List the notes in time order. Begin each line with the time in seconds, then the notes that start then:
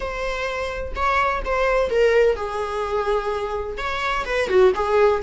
0.00 C5
0.95 C#5
1.45 C5
1.89 A#4
2.35 G#4
3.77 C#5
4.25 B4
4.48 F#4
4.74 G#4